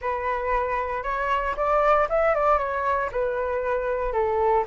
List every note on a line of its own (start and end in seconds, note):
0.01 1.03 B4
1.03 1.55 C#5
1.56 2.08 D5
2.09 2.34 E5
2.34 2.58 D5
2.58 3.10 C#5
3.12 4.12 B4
4.12 4.64 A4